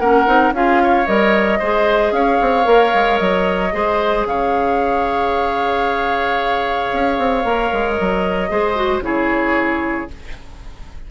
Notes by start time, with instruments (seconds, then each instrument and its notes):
0.00 bassoon A#3, clarinet C#4, oboe A#4, flute F#5
0.27 bassoon C4, clarinet D#4
0.53 bassoon C#4, clarinet F4, oboe G#4, flute F5
0.84 oboe C#5
1.07 bassoon G3, clarinet A#4, flute D#5
1.59 bassoon G#3, clarinet G#4, oboe C5
2.12 bassoon C#4, oboe C#5, flute F5
2.41 bassoon C4
2.64 bassoon A#3, clarinet A#4
2.94 bassoon G#3
3.19 bassoon F#3, flute D#5
3.72 bassoon G#3, clarinet G#4, oboe C5
4.26 bassoon C#3, oboe C#5, flute F5
6.93 bassoon C#4
7.19 bassoon C4
7.44 bassoon A#3, clarinet A#4
7.73 bassoon G#3
7.94 flute D#5
8.00 bassoon F#3
8.50 bassoon G#3, clarinet G#4, oboe C5
8.76 clarinet F#4
9.01 bassoon C#3, clarinet E4, oboe G#4, flute C#5